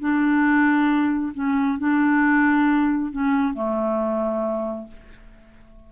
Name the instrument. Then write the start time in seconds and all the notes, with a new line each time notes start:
clarinet
0.00 D4
1.34 C#4
1.79 D4
3.12 C#4
3.54 A3